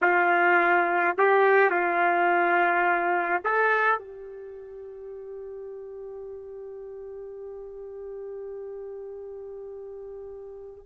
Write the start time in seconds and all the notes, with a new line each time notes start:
0.01 F4
1.17 G4
1.70 F4
3.44 A4
3.98 G4